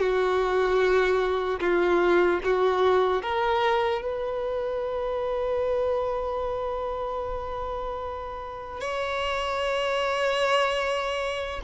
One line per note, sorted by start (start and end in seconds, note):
0.00 1.60 F#4
1.61 2.41 F4
2.44 3.23 F#4
3.23 4.02 A#4
4.02 8.81 B4
8.81 11.61 C#5